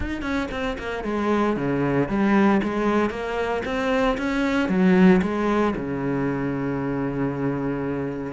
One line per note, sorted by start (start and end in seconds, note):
0.00 0.21 D#4
0.21 0.47 C#4
0.51 0.77 C4
0.78 1.04 A#3
1.04 1.56 G#3
1.56 2.08 C#3
2.08 2.61 G3
2.63 3.10 G#3
3.10 3.62 A#3
3.65 4.17 C4
4.17 4.68 C#4
4.68 5.21 F#3
5.22 5.74 G#3
5.76 8.32 C#3